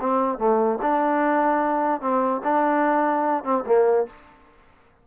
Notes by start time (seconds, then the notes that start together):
0.00 C4
0.38 A3
0.82 D4
2.01 C4
2.43 D4
3.43 C4
3.66 A#3